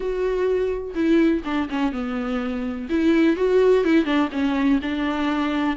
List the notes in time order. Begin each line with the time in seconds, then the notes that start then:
0.00 F#4
0.94 E4
1.44 D4
1.69 C#4
1.92 B3
2.89 E4
3.36 F#4
3.84 E4
4.04 D4
4.32 C#4
4.81 D4